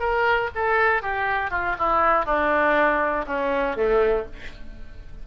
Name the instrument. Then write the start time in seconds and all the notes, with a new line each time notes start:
oboe
0.00 A#4
0.55 A4
1.02 G4
1.51 F4
1.79 E4
2.26 D4
3.27 C#4
3.76 A3